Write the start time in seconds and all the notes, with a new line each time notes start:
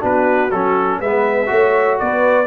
0.00 B3 D4 F#4 B4
0.51 F#3 C#4 A4
0.98 G#3 B3 B4 E5
1.46 A3 F#4 C#5
1.99 B3 B4 D5